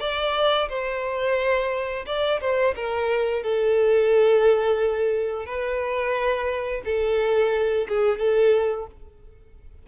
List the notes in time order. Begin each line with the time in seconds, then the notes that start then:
0.00 D5
0.69 C5
2.06 D5
2.40 C5
2.76 A#4
3.43 A4
5.46 B4
6.85 A4
7.88 G#4
8.18 A4